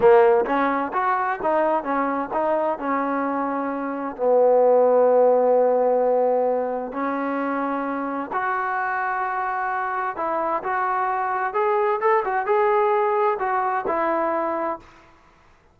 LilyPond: \new Staff \with { instrumentName = "trombone" } { \time 4/4 \tempo 4 = 130 ais4 cis'4 fis'4 dis'4 | cis'4 dis'4 cis'2~ | cis'4 b2.~ | b2. cis'4~ |
cis'2 fis'2~ | fis'2 e'4 fis'4~ | fis'4 gis'4 a'8 fis'8 gis'4~ | gis'4 fis'4 e'2 | }